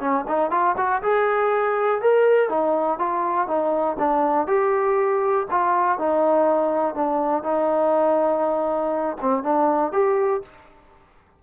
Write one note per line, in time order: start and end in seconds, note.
0.00 0.25 C#4
0.28 0.51 D#4
0.51 0.76 F4
0.77 1.02 F#4
1.03 2.02 G#4
2.02 2.49 A#4
2.49 2.99 D#4
2.99 3.47 F4
3.47 3.97 D#4
3.99 4.47 D4
4.47 5.46 G4
5.51 5.98 F4
5.98 6.95 D#4
6.95 7.43 D4
7.43 9.17 D#4
9.21 9.43 C4
9.43 9.92 D4
9.92 10.42 G4